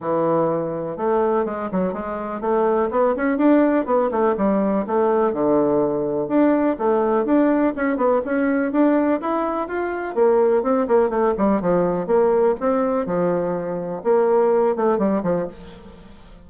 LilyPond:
\new Staff \with { instrumentName = "bassoon" } { \time 4/4 \tempo 4 = 124 e2 a4 gis8 fis8 | gis4 a4 b8 cis'8 d'4 | b8 a8 g4 a4 d4~ | d4 d'4 a4 d'4 |
cis'8 b8 cis'4 d'4 e'4 | f'4 ais4 c'8 ais8 a8 g8 | f4 ais4 c'4 f4~ | f4 ais4. a8 g8 f8 | }